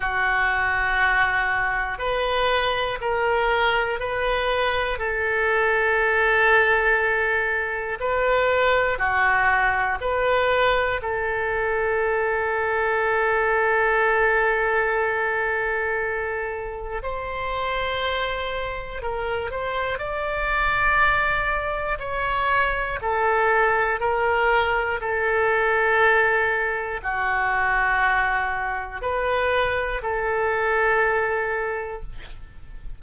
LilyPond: \new Staff \with { instrumentName = "oboe" } { \time 4/4 \tempo 4 = 60 fis'2 b'4 ais'4 | b'4 a'2. | b'4 fis'4 b'4 a'4~ | a'1~ |
a'4 c''2 ais'8 c''8 | d''2 cis''4 a'4 | ais'4 a'2 fis'4~ | fis'4 b'4 a'2 | }